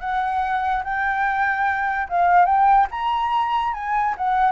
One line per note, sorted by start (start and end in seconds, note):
0.00 0.83 F#5
0.84 2.08 G5
2.09 2.46 F5
2.46 2.87 G5
2.91 3.74 A#5
3.74 4.15 G#5
4.17 4.52 F#5